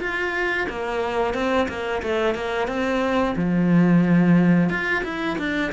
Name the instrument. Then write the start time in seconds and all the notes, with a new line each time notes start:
cello
0.00 F4
0.70 A#3
1.34 C4
1.69 A#3
2.03 A3
2.35 A#3
2.68 C4
3.36 F3
4.70 F4
5.04 E4
5.39 D4